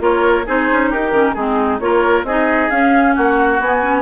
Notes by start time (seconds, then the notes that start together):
0.00 A#3 F4 A#4 C#5
0.46 C4 D#4 G#4 C5
0.71 C#4
0.90 D#4 G4 A#4
1.12 D#3 C#4
1.34 G#3 C4 D#4 G#4
1.80 A#3 F4 A#4 C#5
2.24 C4 D#4 G#4 D#5
2.70 C#4 F5
3.15 A#3 F#4 F#5
3.60 B3 G#5
3.82 C#4